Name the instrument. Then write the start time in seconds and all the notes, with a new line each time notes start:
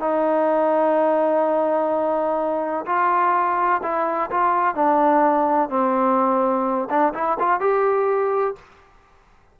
trombone
0.00 D#4
2.86 F4
3.83 E4
4.31 F4
4.75 D4
5.70 C4
6.90 D4
7.14 E4
7.40 F4
7.60 G4